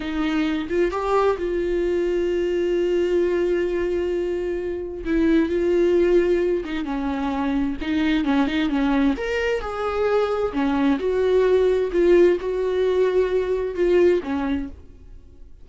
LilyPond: \new Staff \with { instrumentName = "viola" } { \time 4/4 \tempo 4 = 131 dis'4. f'8 g'4 f'4~ | f'1~ | f'2. e'4 | f'2~ f'8 dis'8 cis'4~ |
cis'4 dis'4 cis'8 dis'8 cis'4 | ais'4 gis'2 cis'4 | fis'2 f'4 fis'4~ | fis'2 f'4 cis'4 | }